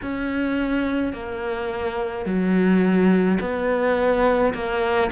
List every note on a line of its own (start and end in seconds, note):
0.02 1.13 C#4
1.13 2.25 A#3
2.25 3.39 F#3
3.40 4.53 B3
4.53 5.10 A#3